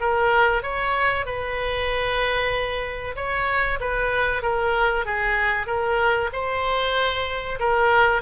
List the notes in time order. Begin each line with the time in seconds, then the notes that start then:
0.00 A#4
0.62 C#5
1.26 B4
3.16 C#5
3.80 B4
4.42 A#4
5.05 G#4
5.67 A#4
6.32 C5
7.59 A#4